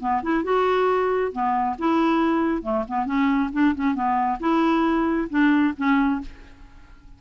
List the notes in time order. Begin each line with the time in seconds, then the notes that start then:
0.00 B3
0.23 E4
0.44 F#4
1.32 B3
1.78 E4
2.62 A3
2.88 B3
3.06 C#4
3.53 D4
3.75 C#4
3.95 B3
4.40 E4
5.30 D4
5.77 C#4